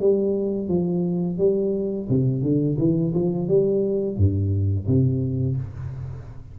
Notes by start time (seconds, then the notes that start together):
0.00 G3
0.68 F3
1.38 G3
2.09 C3
2.42 D3
2.78 E3
3.15 F3
3.48 G3
4.17 G2
4.87 C3